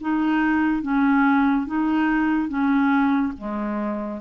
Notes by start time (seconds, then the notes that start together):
0.00 D#4
0.82 C#4
1.66 D#4
2.48 C#4
3.38 G#3